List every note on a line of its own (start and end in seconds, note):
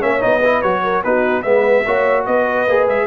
0.00 0.23 A#3
0.00 0.20 C#4
0.00 0.40 C#5
0.00 0.22 E5
0.20 0.63 B3
0.20 0.40 D#4
0.20 0.62 D#5
0.40 0.63 E4
0.40 0.81 B4
0.62 1.04 F#3
0.62 1.04 F#4
0.62 1.03 C#5
0.83 1.04 A#4
1.04 1.45 B3
1.04 1.44 D#4
1.04 1.44 F#4
1.04 1.42 B4
1.42 1.86 G#3
1.42 1.85 B3
1.42 1.85 B4
1.42 2.24 E5
1.86 2.27 A#3
1.86 2.68 F#4
1.86 2.27 C#5
2.26 2.68 B3
2.26 3.07 B4
2.26 2.87 D#5
2.68 2.87 A#3
2.68 3.07 G#4
2.87 3.07 G#3
2.87 3.07 E5